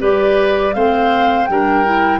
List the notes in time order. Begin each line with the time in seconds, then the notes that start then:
0.00 G3 G4 B4 D5
0.74 A3 C4 C5 F5
1.46 G3 D4 A#4 G5
1.85 E4